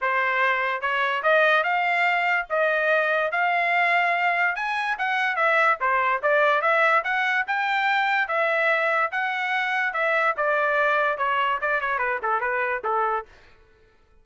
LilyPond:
\new Staff \with { instrumentName = "trumpet" } { \time 4/4 \tempo 4 = 145 c''2 cis''4 dis''4 | f''2 dis''2 | f''2. gis''4 | fis''4 e''4 c''4 d''4 |
e''4 fis''4 g''2 | e''2 fis''2 | e''4 d''2 cis''4 | d''8 cis''8 b'8 a'8 b'4 a'4 | }